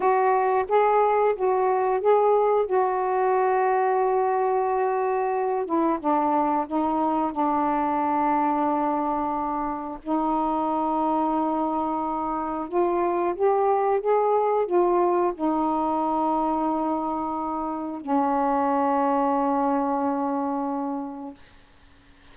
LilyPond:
\new Staff \with { instrumentName = "saxophone" } { \time 4/4 \tempo 4 = 90 fis'4 gis'4 fis'4 gis'4 | fis'1~ | fis'8 e'8 d'4 dis'4 d'4~ | d'2. dis'4~ |
dis'2. f'4 | g'4 gis'4 f'4 dis'4~ | dis'2. cis'4~ | cis'1 | }